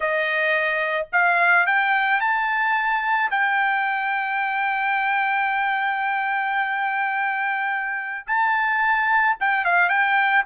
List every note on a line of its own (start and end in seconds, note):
0.00 1.07 D#5
1.12 1.66 F5
1.66 2.20 G5
2.20 3.30 A5
3.30 8.25 G5
8.26 9.36 A5
9.40 9.64 G5
9.64 9.89 F5
9.89 10.44 G5